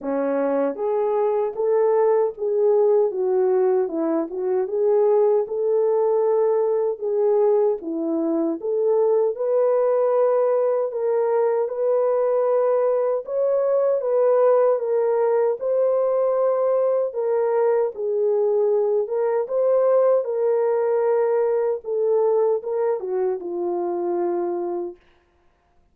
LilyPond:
\new Staff \with { instrumentName = "horn" } { \time 4/4 \tempo 4 = 77 cis'4 gis'4 a'4 gis'4 | fis'4 e'8 fis'8 gis'4 a'4~ | a'4 gis'4 e'4 a'4 | b'2 ais'4 b'4~ |
b'4 cis''4 b'4 ais'4 | c''2 ais'4 gis'4~ | gis'8 ais'8 c''4 ais'2 | a'4 ais'8 fis'8 f'2 | }